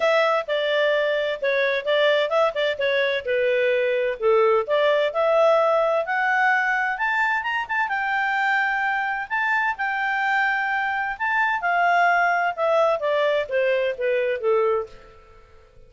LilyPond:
\new Staff \with { instrumentName = "clarinet" } { \time 4/4 \tempo 4 = 129 e''4 d''2 cis''4 | d''4 e''8 d''8 cis''4 b'4~ | b'4 a'4 d''4 e''4~ | e''4 fis''2 a''4 |
ais''8 a''8 g''2. | a''4 g''2. | a''4 f''2 e''4 | d''4 c''4 b'4 a'4 | }